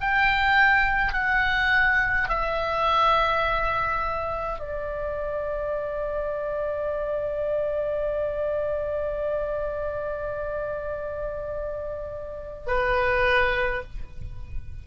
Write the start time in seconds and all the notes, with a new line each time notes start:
0.00 G5
1.13 F#5
2.29 E5
4.59 D5
12.67 B4